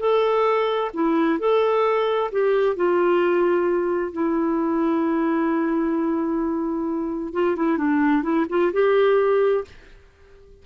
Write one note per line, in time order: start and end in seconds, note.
0.00 0.92 A4
0.94 1.40 E4
1.40 2.31 A4
2.32 2.76 G4
2.76 4.13 F4
4.13 7.33 E4
7.34 7.56 F4
7.56 7.78 E4
7.78 8.23 D4
8.23 8.46 E4
8.50 8.73 F4
8.73 9.65 G4